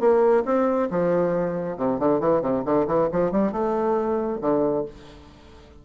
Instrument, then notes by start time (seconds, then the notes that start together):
bassoon
0.00 A#3
0.45 C4
0.91 F3
1.77 C3
1.99 D3
2.20 E3
2.42 C3
2.65 D3
2.87 E3
3.12 F3
3.32 G3
3.52 A3
4.41 D3